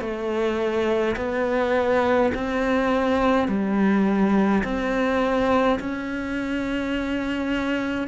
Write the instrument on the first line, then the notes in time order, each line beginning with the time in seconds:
cello
0.00 A3
1.16 B3
2.34 C4
3.48 G3
4.64 C4
5.79 C#4